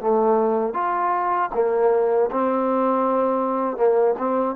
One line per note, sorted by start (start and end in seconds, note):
0.00 0.73 A3
0.73 1.49 F4
1.53 2.29 A#3
2.31 3.76 C4
3.76 4.14 A#3
4.17 4.55 C4